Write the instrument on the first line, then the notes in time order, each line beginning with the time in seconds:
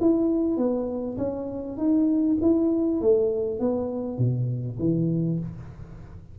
tuba
0.00 E4
0.57 B3
1.17 C#4
1.77 D#4
2.41 E4
3.01 A3
3.59 B3
4.18 B2
4.79 E3